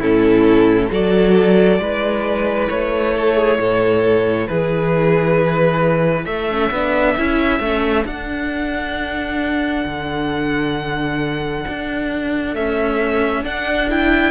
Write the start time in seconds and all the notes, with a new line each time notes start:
0.00 A2 C#4 E4 A4
0.91 F#3 F#4 A4 D5
1.79 G#3 E4 B4
2.69 A3 C#5
3.14 A4
3.36 G#4
3.59 A2 A4
4.48 E3 G#4 B4
6.25 A3 A4 E5
6.50 C#4
6.71 B3 D4
7.18 C#4 E4
7.60 A3 C#4
8.06 D4 F#5
9.86 D3
11.68 D4
12.54 A3 C#4 E5
13.43 D4 F#5
13.90 E4 G5